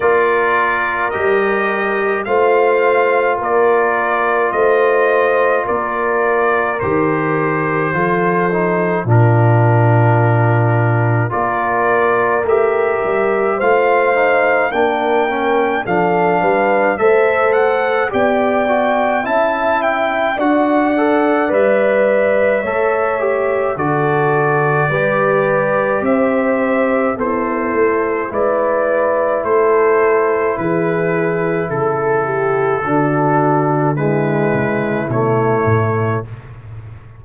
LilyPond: <<
  \new Staff \with { instrumentName = "trumpet" } { \time 4/4 \tempo 4 = 53 d''4 dis''4 f''4 d''4 | dis''4 d''4 c''2 | ais'2 d''4 e''4 | f''4 g''4 f''4 e''8 fis''8 |
g''4 a''8 g''8 fis''4 e''4~ | e''4 d''2 e''4 | c''4 d''4 c''4 b'4 | a'2 b'4 cis''4 | }
  \new Staff \with { instrumentName = "horn" } { \time 4/4 ais'2 c''4 ais'4 | c''4 ais'2 a'4 | f'2 ais'2 | c''4 ais'4 a'8 b'8 c''4 |
d''4 e''4 d''2 | cis''4 a'4 b'4 c''4 | e'4 b'4 a'4 gis'4 | a'8 g'8 fis'4 e'2 | }
  \new Staff \with { instrumentName = "trombone" } { \time 4/4 f'4 g'4 f'2~ | f'2 g'4 f'8 dis'8 | d'2 f'4 g'4 | f'8 dis'8 d'8 cis'8 d'4 a'4 |
g'8 fis'8 e'4 fis'8 a'8 b'4 | a'8 g'8 fis'4 g'2 | a'4 e'2.~ | e'4 d'4 gis4 a4 | }
  \new Staff \with { instrumentName = "tuba" } { \time 4/4 ais4 g4 a4 ais4 | a4 ais4 dis4 f4 | ais,2 ais4 a8 g8 | a4 ais4 f8 g8 a4 |
b4 cis'4 d'4 g4 | a4 d4 g4 c'4 | b8 a8 gis4 a4 e4 | cis4 d4. cis8 b,8 a,8 | }
>>